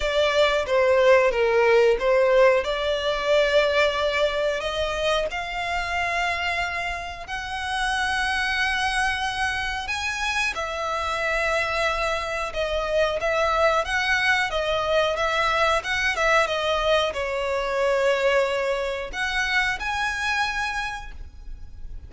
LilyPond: \new Staff \with { instrumentName = "violin" } { \time 4/4 \tempo 4 = 91 d''4 c''4 ais'4 c''4 | d''2. dis''4 | f''2. fis''4~ | fis''2. gis''4 |
e''2. dis''4 | e''4 fis''4 dis''4 e''4 | fis''8 e''8 dis''4 cis''2~ | cis''4 fis''4 gis''2 | }